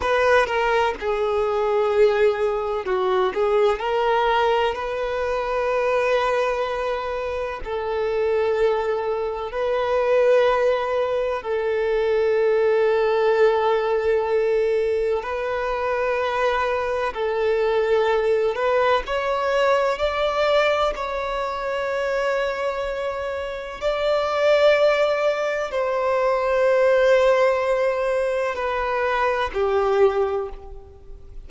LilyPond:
\new Staff \with { instrumentName = "violin" } { \time 4/4 \tempo 4 = 63 b'8 ais'8 gis'2 fis'8 gis'8 | ais'4 b'2. | a'2 b'2 | a'1 |
b'2 a'4. b'8 | cis''4 d''4 cis''2~ | cis''4 d''2 c''4~ | c''2 b'4 g'4 | }